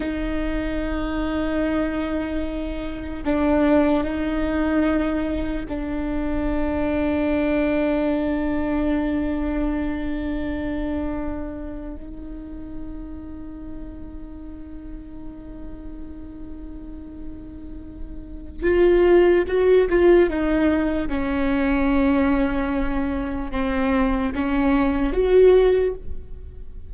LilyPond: \new Staff \with { instrumentName = "viola" } { \time 4/4 \tempo 4 = 74 dis'1 | d'4 dis'2 d'4~ | d'1~ | d'2~ d'8. dis'4~ dis'16~ |
dis'1~ | dis'2. f'4 | fis'8 f'8 dis'4 cis'2~ | cis'4 c'4 cis'4 fis'4 | }